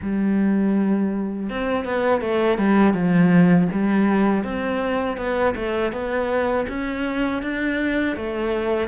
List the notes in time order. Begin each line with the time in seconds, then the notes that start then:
0.02 G3
1.49 C4
1.85 B3
2.21 A3
2.57 G3
2.93 F3
3.72 G3
4.44 C4
5.17 B3
5.55 A3
5.92 B3
6.68 C#4
7.42 D4
8.16 A3